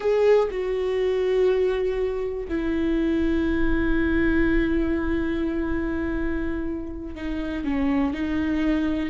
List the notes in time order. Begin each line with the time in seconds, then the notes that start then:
0.00 G#4
0.51 F#4
2.48 E4
7.15 D#4
7.64 C#4
8.13 D#4